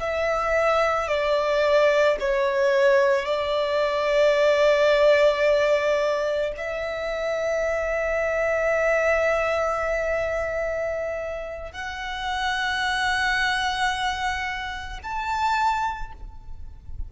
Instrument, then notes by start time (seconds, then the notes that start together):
violin
0.00 E5
1.08 D5
2.20 C#5
3.26 D5
6.57 E5
11.72 F#5
15.03 A5